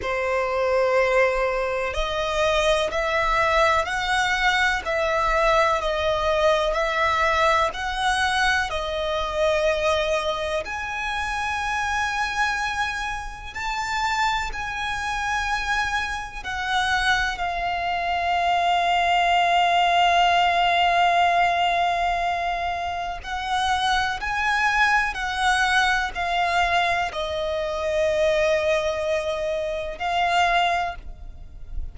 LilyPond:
\new Staff \with { instrumentName = "violin" } { \time 4/4 \tempo 4 = 62 c''2 dis''4 e''4 | fis''4 e''4 dis''4 e''4 | fis''4 dis''2 gis''4~ | gis''2 a''4 gis''4~ |
gis''4 fis''4 f''2~ | f''1 | fis''4 gis''4 fis''4 f''4 | dis''2. f''4 | }